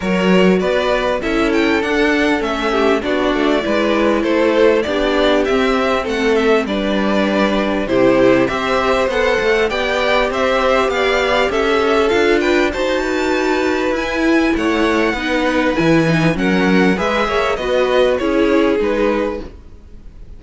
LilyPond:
<<
  \new Staff \with { instrumentName = "violin" } { \time 4/4 \tempo 4 = 99 cis''4 d''4 e''8 g''8 fis''4 | e''4 d''2 c''4 | d''4 e''4 fis''8 e''8 d''4~ | d''4 c''4 e''4 fis''4 |
g''4 e''4 f''4 e''4 | f''8 g''8 a''2 gis''4 | fis''2 gis''4 fis''4 | e''4 dis''4 cis''4 b'4 | }
  \new Staff \with { instrumentName = "violin" } { \time 4/4 ais'4 b'4 a'2~ | a'8 g'8 fis'4 b'4 a'4 | g'2 a'4 b'4~ | b'4 g'4 c''2 |
d''4 c''4 d''4 a'4~ | a'8 b'8 c''8 b'2~ b'8 | cis''4 b'2 ais'4 | b'8 cis''8 b'4 gis'2 | }
  \new Staff \with { instrumentName = "viola" } { \time 4/4 fis'2 e'4 d'4 | cis'4 d'4 e'2 | d'4 c'2 d'4~ | d'4 e'4 g'4 a'4 |
g'1 | f'4 fis'2 e'4~ | e'4 dis'4 e'8 dis'8 cis'4 | gis'4 fis'4 e'4 dis'4 | }
  \new Staff \with { instrumentName = "cello" } { \time 4/4 fis4 b4 cis'4 d'4 | a4 b8 a8 gis4 a4 | b4 c'4 a4 g4~ | g4 c4 c'4 b8 a8 |
b4 c'4 b4 cis'4 | d'4 dis'2 e'4 | a4 b4 e4 fis4 | gis8 ais8 b4 cis'4 gis4 | }
>>